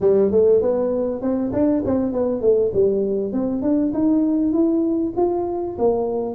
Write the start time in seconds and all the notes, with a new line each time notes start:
0.00 G3
0.31 A3
0.61 B3
1.21 C4
1.53 D4
1.85 C4
2.12 B3
2.41 A3
2.73 G3
3.32 C4
3.62 D4
3.93 D#4
4.52 E4
5.16 F4
5.78 A#3